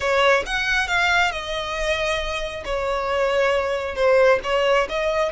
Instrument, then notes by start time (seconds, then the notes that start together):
violin
0.00 C#5
0.45 F#5
0.87 F5
1.31 D#5
2.65 C#5
3.95 C5
4.43 C#5
4.89 D#5